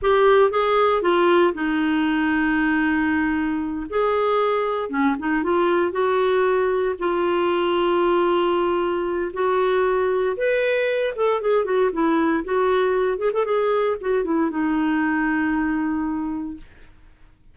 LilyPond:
\new Staff \with { instrumentName = "clarinet" } { \time 4/4 \tempo 4 = 116 g'4 gis'4 f'4 dis'4~ | dis'2.~ dis'8 gis'8~ | gis'4. cis'8 dis'8 f'4 fis'8~ | fis'4. f'2~ f'8~ |
f'2 fis'2 | b'4. a'8 gis'8 fis'8 e'4 | fis'4. gis'16 a'16 gis'4 fis'8 e'8 | dis'1 | }